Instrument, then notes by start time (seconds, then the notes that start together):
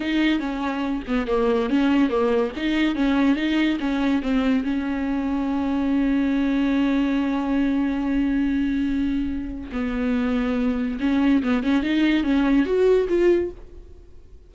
viola
0.00 D#4
0.39 C#4
1.07 B3
1.27 A#3
1.69 C#4
2.09 A#3
2.56 D#4
2.95 C#4
3.36 D#4
3.80 C#4
4.22 C4
4.64 C#4
9.72 B3
11.00 C#4
11.42 B3
11.63 C#4
11.82 D#4
12.23 C#4
12.65 F#4
13.08 F4